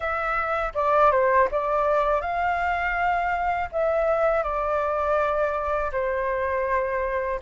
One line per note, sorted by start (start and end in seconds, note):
0.00 0.72 E5
0.74 1.11 D5
1.11 1.48 C5
1.51 2.21 D5
2.21 3.69 F5
3.72 4.43 E5
4.43 5.91 D5
5.92 7.40 C5